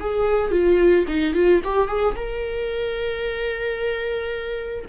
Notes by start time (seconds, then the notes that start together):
0.00 G#4
0.51 F4
1.08 D#4
1.34 F4
1.64 G4
1.87 G#4
2.15 A#4